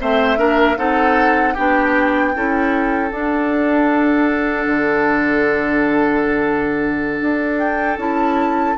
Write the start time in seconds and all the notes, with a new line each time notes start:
0.00 A3 C4 C5 E5
0.37 A#3 D4 A#4
0.77 C4 D#4 A4 F#5
1.55 B3 D4 G4 G5
2.35 C#4 E4 A4
3.11 D4 F#5
4.67 D3
7.22 D4
7.59 G5
7.98 C#4 E4 A5